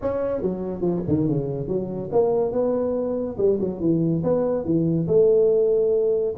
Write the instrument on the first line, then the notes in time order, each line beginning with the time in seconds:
tuba
0.01 C#4
0.41 F#3
0.81 F3
1.07 D#3
1.28 C#3
1.67 F#3
2.12 A#3
2.52 B3
3.37 G3
3.60 F#3
3.80 E3
4.23 B3
4.64 E3
5.07 A3